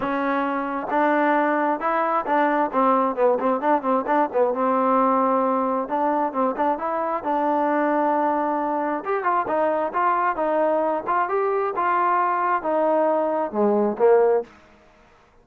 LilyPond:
\new Staff \with { instrumentName = "trombone" } { \time 4/4 \tempo 4 = 133 cis'2 d'2 | e'4 d'4 c'4 b8 c'8 | d'8 c'8 d'8 b8 c'2~ | c'4 d'4 c'8 d'8 e'4 |
d'1 | g'8 f'8 dis'4 f'4 dis'4~ | dis'8 f'8 g'4 f'2 | dis'2 gis4 ais4 | }